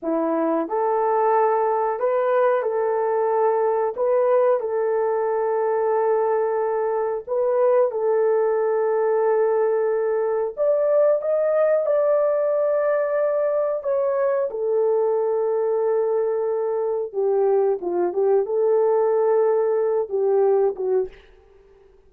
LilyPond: \new Staff \with { instrumentName = "horn" } { \time 4/4 \tempo 4 = 91 e'4 a'2 b'4 | a'2 b'4 a'4~ | a'2. b'4 | a'1 |
d''4 dis''4 d''2~ | d''4 cis''4 a'2~ | a'2 g'4 f'8 g'8 | a'2~ a'8 g'4 fis'8 | }